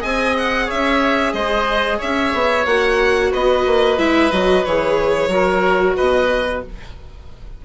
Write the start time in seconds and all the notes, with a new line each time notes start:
0.00 C4 G#4 D#5 G#5
0.38 F#5
0.66 C#5 E5
0.72 C#4
1.33 G#3 C5 D#5
1.98 C#4 C#5 E5
2.34 B3
2.66 A#3 F#4 F#5
3.31 B3 B4 D#5
3.66 A#3
3.98 G#3 E4 E5
4.32 F#3 F#4 D#5
4.65 E3 G#4 C#5
5.28 F#3 F#4 A#4
5.97 B2 B4 D#5